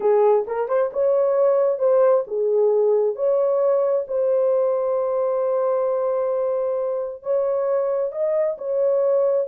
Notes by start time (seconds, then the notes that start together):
0.00 G#4
0.47 A#4
0.68 C5
0.92 C#5
1.78 C5
2.27 G#4
3.15 C#5
4.07 C5
7.22 C#5
8.11 D#5
8.58 C#5